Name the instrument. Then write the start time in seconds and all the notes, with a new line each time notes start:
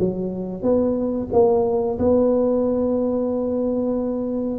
tuba
0.00 F#3
0.62 B3
1.32 A#3
1.99 B3